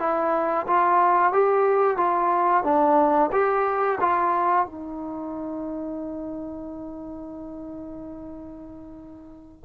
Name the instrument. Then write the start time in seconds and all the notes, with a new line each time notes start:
trombone
0.00 E4
0.67 F4
1.33 G4
1.97 F4
2.64 D4
3.32 G4
4.01 F4
4.66 D#4